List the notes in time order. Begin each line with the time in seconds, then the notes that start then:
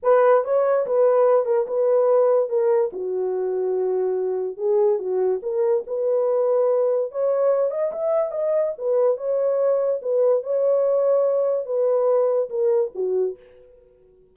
0.02 B4
0.44 C#5
0.86 B4
1.45 A#4
1.67 B4
2.49 A#4
2.92 F#4
4.57 G#4
4.98 F#4
5.42 A#4
5.86 B4
7.11 C#5
7.70 D#5
7.92 E5
8.31 D#5
8.77 B4
9.17 C#5
10.02 B4
10.43 C#5
11.65 B4
12.49 A#4
12.94 F#4